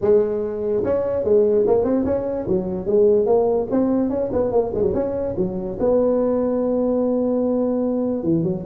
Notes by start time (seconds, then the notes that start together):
0.01 G#3
0.84 C#4
1.24 G#3
1.66 A#3
1.83 C4
2.05 C#4
2.47 F#3
2.86 G#3
3.26 A#3
3.70 C4
4.09 C#4
4.32 B3
4.51 A#3
4.74 G#3
4.82 F#3
4.94 C#4
5.36 F#3
5.79 B3
8.23 E3
8.43 F#3